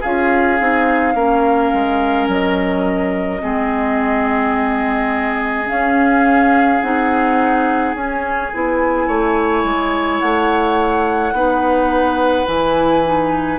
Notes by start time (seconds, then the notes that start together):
0.00 C#4 F4 G#4 F5
0.58 C4 D#4
1.14 A#3 C#4 A#4
1.73 G#3
2.28 F#3 D#5
3.40 G#3 C4 G#4
5.66 C#4 F5
6.81 C4 D#4 F#5
7.94 C#4 G#5
8.53 B3 E4
9.07 A3 C#5
9.63 G#3
10.20 A3 F#5
11.32 B3 D#4 B4
12.46 E3 E4 G#5
13.04 D#4